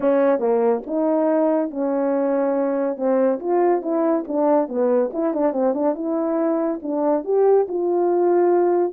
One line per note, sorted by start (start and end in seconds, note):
0.00 0.39 C#4
0.39 0.81 A#3
0.86 1.70 D#4
1.70 2.96 C#4
2.96 3.39 C4
3.39 3.81 F4
3.81 4.24 E4
4.27 4.68 D4
4.68 5.11 B3
5.13 5.33 E4
5.33 5.53 D4
5.53 5.73 C4
5.73 5.95 D4
5.95 6.80 E4
6.82 7.24 D4
7.24 7.67 G4
7.68 8.93 F4